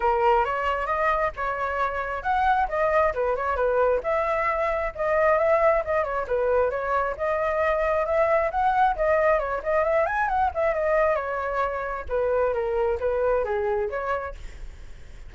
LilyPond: \new Staff \with { instrumentName = "flute" } { \time 4/4 \tempo 4 = 134 ais'4 cis''4 dis''4 cis''4~ | cis''4 fis''4 dis''4 b'8 cis''8 | b'4 e''2 dis''4 | e''4 dis''8 cis''8 b'4 cis''4 |
dis''2 e''4 fis''4 | dis''4 cis''8 dis''8 e''8 gis''8 fis''8 e''8 | dis''4 cis''2 b'4 | ais'4 b'4 gis'4 cis''4 | }